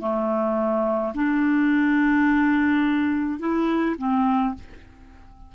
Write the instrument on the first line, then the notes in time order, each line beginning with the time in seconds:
clarinet
0.00 A3
1.14 D4
3.39 E4
3.98 C4